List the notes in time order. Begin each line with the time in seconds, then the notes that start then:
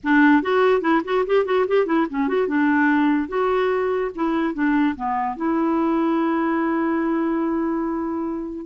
0.03 D4
0.42 F#4
0.81 E4
1.04 F#4
1.26 G4
1.45 F#4
1.67 G4
1.86 E4
2.10 C#4
2.28 F#4
2.47 D4
3.28 F#4
4.15 E4
4.53 D4
4.96 B3
5.36 E4